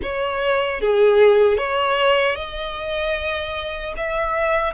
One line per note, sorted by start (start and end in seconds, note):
0.02 0.80 C#5
0.80 1.57 G#4
1.57 2.35 C#5
2.35 3.93 D#5
3.96 4.73 E5